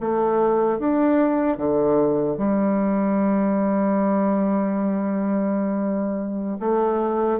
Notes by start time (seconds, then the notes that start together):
0.00 A3
0.79 D4
1.57 D3
2.37 G3
6.60 A3